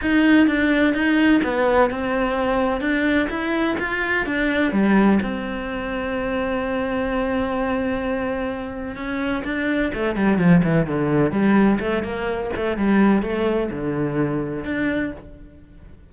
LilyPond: \new Staff \with { instrumentName = "cello" } { \time 4/4 \tempo 4 = 127 dis'4 d'4 dis'4 b4 | c'2 d'4 e'4 | f'4 d'4 g4 c'4~ | c'1~ |
c'2. cis'4 | d'4 a8 g8 f8 e8 d4 | g4 a8 ais4 a8 g4 | a4 d2 d'4 | }